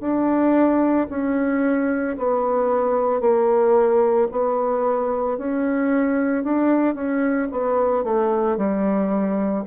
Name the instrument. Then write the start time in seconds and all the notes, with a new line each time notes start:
bassoon
0.00 D4
1.09 C#4
2.17 B3
3.20 A#3
4.31 B3
5.37 C#4
6.43 D4
6.94 C#4
7.51 B3
8.04 A3
8.57 G3